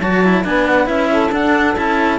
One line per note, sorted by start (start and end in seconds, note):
0.00 0.45 F#3
0.00 0.25 F#4
0.00 0.44 C#5
0.00 0.45 A5
0.25 0.44 E4
0.44 0.89 B3
0.44 0.86 D4
0.44 1.11 B4
0.44 0.67 G#5
0.67 0.88 F#5
0.86 1.32 C#4
0.86 1.30 E4
0.86 1.32 E5
1.11 2.19 A4
1.32 1.76 D4
1.32 1.77 F#5
1.77 2.19 C#4
1.77 2.19 E4
1.77 2.19 A5